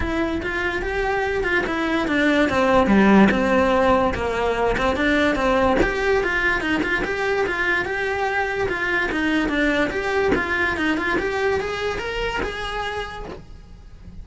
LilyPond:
\new Staff \with { instrumentName = "cello" } { \time 4/4 \tempo 4 = 145 e'4 f'4 g'4. f'8 | e'4 d'4 c'4 g4 | c'2 ais4. c'8 | d'4 c'4 g'4 f'4 |
dis'8 f'8 g'4 f'4 g'4~ | g'4 f'4 dis'4 d'4 | g'4 f'4 dis'8 f'8 g'4 | gis'4 ais'4 gis'2 | }